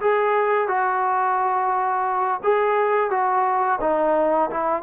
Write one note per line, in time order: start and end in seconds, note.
0.00 0.67 G#4
0.67 2.40 F#4
2.43 3.10 G#4
3.10 3.79 F#4
3.81 4.50 D#4
4.50 4.82 E4